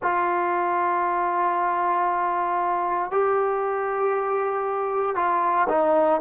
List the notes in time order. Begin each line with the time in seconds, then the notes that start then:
0.02 F4
3.11 G4
5.15 F4
5.68 D#4